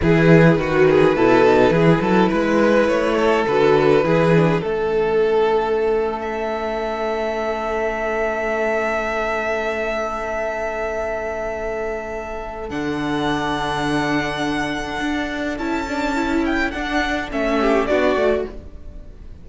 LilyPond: <<
  \new Staff \with { instrumentName = "violin" } { \time 4/4 \tempo 4 = 104 b'1~ | b'4 cis''4 b'2 | a'2~ a'8. e''4~ e''16~ | e''1~ |
e''1~ | e''2 fis''2~ | fis''2. a''4~ | a''8 g''8 fis''4 e''4 d''4 | }
  \new Staff \with { instrumentName = "violin" } { \time 4/4 gis'4 fis'8 gis'8 a'4 gis'8 a'8 | b'4. a'4. gis'4 | a'1~ | a'1~ |
a'1~ | a'1~ | a'1~ | a'2~ a'8 g'8 fis'4 | }
  \new Staff \with { instrumentName = "viola" } { \time 4/4 e'4 fis'4 e'8 dis'8 e'4~ | e'2 fis'4 e'8 d'8 | cis'1~ | cis'1~ |
cis'1~ | cis'2 d'2~ | d'2. e'8 d'8 | e'4 d'4 cis'4 d'8 fis'8 | }
  \new Staff \with { instrumentName = "cello" } { \time 4/4 e4 dis4 b,4 e8 fis8 | gis4 a4 d4 e4 | a1~ | a1~ |
a1~ | a2 d2~ | d2 d'4 cis'4~ | cis'4 d'4 a4 b8 a8 | }
>>